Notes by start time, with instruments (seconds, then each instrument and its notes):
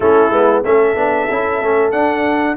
0.00 tuba A3, trombone C#4, horn E4, trumpet A4
0.29 tuba G#3, trombone B3
0.63 tuba A3, trombone C#4, horn A4, trumpet E5
0.95 tuba B3, trombone D4
1.30 tuba C#4, trombone E4
1.61 tuba A3, trombone C#4
1.91 trombone D4, tuba D4, trumpet F#5